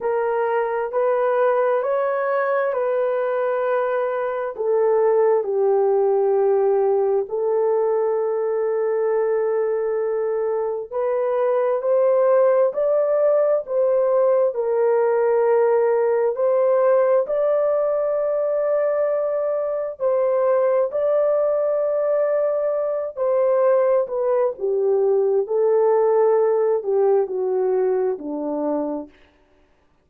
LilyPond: \new Staff \with { instrumentName = "horn" } { \time 4/4 \tempo 4 = 66 ais'4 b'4 cis''4 b'4~ | b'4 a'4 g'2 | a'1 | b'4 c''4 d''4 c''4 |
ais'2 c''4 d''4~ | d''2 c''4 d''4~ | d''4. c''4 b'8 g'4 | a'4. g'8 fis'4 d'4 | }